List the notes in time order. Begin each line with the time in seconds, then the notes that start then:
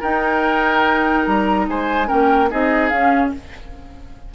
0.00 D#4 A#4 G5
1.26 G3 A#5
1.68 G#3 C5 G#5
2.07 A#3 C#4 A#4 G5
2.50 C4 D#4 G#4 D#5
2.88 C#4 F5